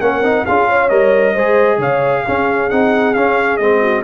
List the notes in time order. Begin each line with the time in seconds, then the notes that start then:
0.00 A#3 C#4 A#4 F#5
0.20 C4 D#4
0.45 C#4 F4 G#4 F5
0.68 C#5
0.89 G3 A#4 D#5
1.33 G#3 G#4 C5
1.77 C#3 C#5 F5
2.25 C#4 G#4
2.69 C4 D#4 F#5
3.13 C#4 F5
3.57 G#3 C4 D#5
3.81 F#4